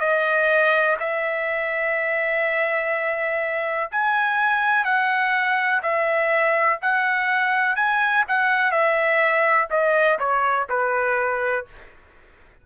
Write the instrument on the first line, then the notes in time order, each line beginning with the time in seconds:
trumpet
0.00 D#5
1.00 E5
3.92 G#5
4.85 F#5
5.83 E5
6.82 F#5
7.76 G#5
8.28 F#5
8.71 E5
9.70 D#5
10.19 C#5
10.69 B4